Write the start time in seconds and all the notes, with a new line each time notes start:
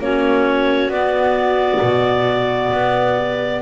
0.00 A#3 C#4 F#4 C#5
0.89 B3 D5
1.81 B2
2.73 B3
3.18 G4